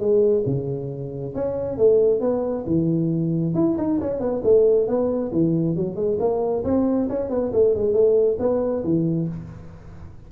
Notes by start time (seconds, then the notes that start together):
0.00 G#3
0.46 C#3
1.35 C#4
1.78 A3
2.21 B3
2.67 E3
3.55 E4
3.78 D#4
4.01 C#4
4.20 B3
4.44 A3
4.88 B3
5.32 E3
5.77 F#3
5.96 G#3
6.20 A#3
6.65 C4
7.09 C#4
7.30 B3
7.53 A3
7.75 G#3
7.94 A3
8.40 B3
8.84 E3